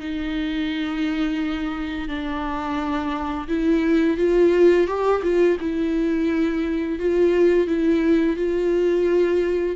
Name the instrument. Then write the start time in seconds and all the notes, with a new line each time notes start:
viola
0.00 D#4
2.08 D4
3.48 E4
4.17 F4
4.87 G4
5.23 F4
5.60 E4
6.99 F4
7.67 E4
8.36 F4